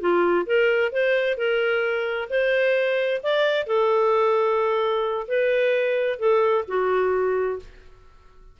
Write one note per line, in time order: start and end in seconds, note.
0.00 0.46 F4
0.46 0.92 A#4
0.92 1.37 C5
1.37 2.29 A#4
2.30 3.21 C5
3.23 3.66 D5
3.66 5.27 A4
5.28 6.19 B4
6.19 6.65 A4
6.68 7.59 F#4